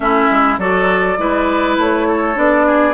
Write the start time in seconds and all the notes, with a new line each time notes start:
0.00 A3 C#4 E4 E5
0.30 G#3
0.58 F#3 F#4 A4 D5
1.17 G#3 E4 B4
1.77 A3 C#5
2.08 A4
2.34 B3 D4 D5
2.66 G#4